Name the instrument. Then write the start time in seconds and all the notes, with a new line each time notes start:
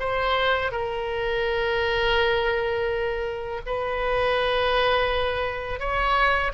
oboe
0.00 C5
0.72 A#4
3.66 B4
5.80 C#5